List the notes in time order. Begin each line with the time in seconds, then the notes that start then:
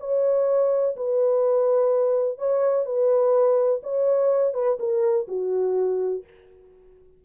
0.00 C#5
0.96 B4
2.38 C#5
2.86 B4
3.83 C#5
4.54 B4
4.80 A#4
5.28 F#4